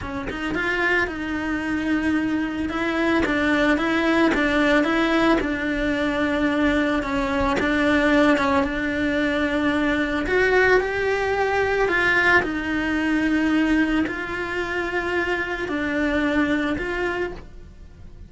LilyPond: \new Staff \with { instrumentName = "cello" } { \time 4/4 \tempo 4 = 111 cis'8 dis'8 f'4 dis'2~ | dis'4 e'4 d'4 e'4 | d'4 e'4 d'2~ | d'4 cis'4 d'4. cis'8 |
d'2. fis'4 | g'2 f'4 dis'4~ | dis'2 f'2~ | f'4 d'2 f'4 | }